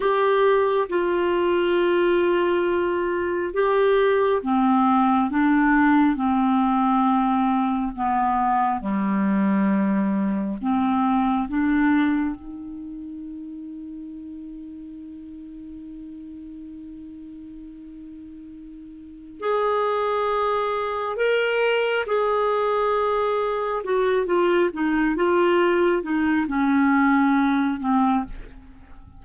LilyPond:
\new Staff \with { instrumentName = "clarinet" } { \time 4/4 \tempo 4 = 68 g'4 f'2. | g'4 c'4 d'4 c'4~ | c'4 b4 g2 | c'4 d'4 dis'2~ |
dis'1~ | dis'2 gis'2 | ais'4 gis'2 fis'8 f'8 | dis'8 f'4 dis'8 cis'4. c'8 | }